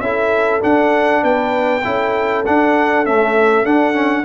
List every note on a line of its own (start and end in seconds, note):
0.00 0.61 C#4
0.00 0.60 E4
0.00 1.23 A4
0.00 0.61 E5
0.60 1.81 D4
0.60 1.23 D4
0.60 1.24 F#5
1.23 1.84 B3
1.23 1.83 B4
1.23 2.45 G5
1.84 2.46 C#4
1.84 2.45 E4
1.84 4.24 A4
2.45 3.06 D4
2.45 3.06 F#5
3.06 3.65 A3
3.06 3.65 C#4
3.06 3.66 E5
3.65 4.24 D4
3.65 3.93 D4
3.65 4.24 F#5
3.93 4.23 C#4